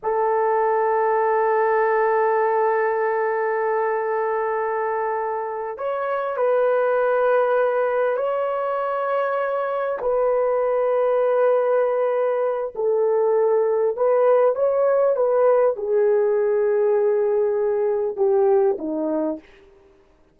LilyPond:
\new Staff \with { instrumentName = "horn" } { \time 4/4 \tempo 4 = 99 a'1~ | a'1~ | a'4. cis''4 b'4.~ | b'4. cis''2~ cis''8~ |
cis''8 b'2.~ b'8~ | b'4 a'2 b'4 | cis''4 b'4 gis'2~ | gis'2 g'4 dis'4 | }